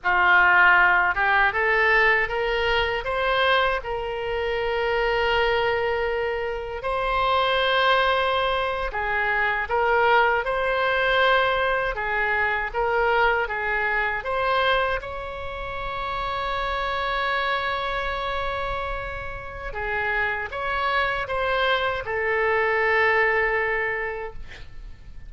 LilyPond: \new Staff \with { instrumentName = "oboe" } { \time 4/4 \tempo 4 = 79 f'4. g'8 a'4 ais'4 | c''4 ais'2.~ | ais'4 c''2~ c''8. gis'16~ | gis'8. ais'4 c''2 gis'16~ |
gis'8. ais'4 gis'4 c''4 cis''16~ | cis''1~ | cis''2 gis'4 cis''4 | c''4 a'2. | }